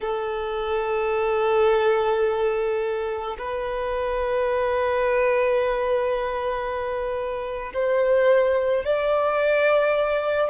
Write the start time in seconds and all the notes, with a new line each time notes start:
0.00 A4
3.38 B4
7.73 C5
8.84 D5